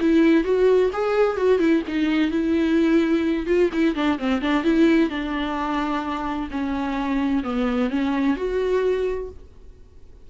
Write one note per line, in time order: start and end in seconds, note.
0.00 0.44 E4
0.44 0.90 F#4
0.92 1.36 G#4
1.36 1.59 F#4
1.59 1.82 E4
1.87 2.30 D#4
2.30 3.46 E4
3.46 3.69 F4
3.72 3.95 E4
3.95 4.18 D4
4.19 4.41 C4
4.41 4.63 D4
4.63 5.09 E4
5.09 6.49 D4
6.50 7.43 C#4
7.43 7.89 B3
7.89 8.36 C#4
8.36 9.29 F#4